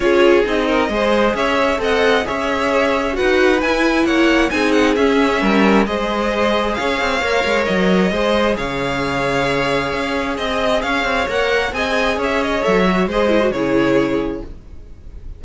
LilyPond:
<<
  \new Staff \with { instrumentName = "violin" } { \time 4/4 \tempo 4 = 133 cis''4 dis''2 e''4 | fis''4 e''2 fis''4 | gis''4 fis''4 gis''8 fis''8 e''4~ | e''4 dis''2 f''4~ |
f''4 dis''2 f''4~ | f''2. dis''4 | f''4 fis''4 gis''4 e''8 dis''8 | e''4 dis''4 cis''2 | }
  \new Staff \with { instrumentName = "violin" } { \time 4/4 gis'4. ais'8 c''4 cis''4 | dis''4 cis''2 b'4~ | b'4 cis''4 gis'2 | ais'4 c''2 cis''4~ |
cis''2 c''4 cis''4~ | cis''2. dis''4 | cis''2 dis''4 cis''4~ | cis''4 c''4 gis'2 | }
  \new Staff \with { instrumentName = "viola" } { \time 4/4 f'4 dis'4 gis'2 | a'4 gis'2 fis'4 | e'2 dis'4 cis'4~ | cis'4 gis'2. |
ais'2 gis'2~ | gis'1~ | gis'4 ais'4 gis'2 | a'8 fis'8 gis'8 e'16 fis'16 e'2 | }
  \new Staff \with { instrumentName = "cello" } { \time 4/4 cis'4 c'4 gis4 cis'4 | c'4 cis'2 dis'4 | e'4 ais4 c'4 cis'4 | g4 gis2 cis'8 c'8 |
ais8 gis8 fis4 gis4 cis4~ | cis2 cis'4 c'4 | cis'8 c'8 ais4 c'4 cis'4 | fis4 gis4 cis2 | }
>>